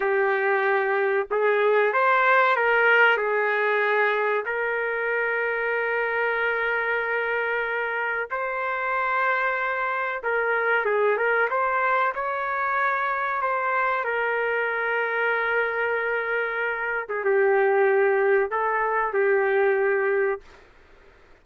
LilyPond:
\new Staff \with { instrumentName = "trumpet" } { \time 4/4 \tempo 4 = 94 g'2 gis'4 c''4 | ais'4 gis'2 ais'4~ | ais'1~ | ais'4 c''2. |
ais'4 gis'8 ais'8 c''4 cis''4~ | cis''4 c''4 ais'2~ | ais'2~ ais'8. gis'16 g'4~ | g'4 a'4 g'2 | }